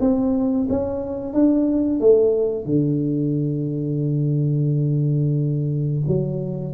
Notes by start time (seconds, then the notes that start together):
0.00 C4
0.69 C#4
1.34 D4
2.00 A3
2.66 D3
6.07 F#3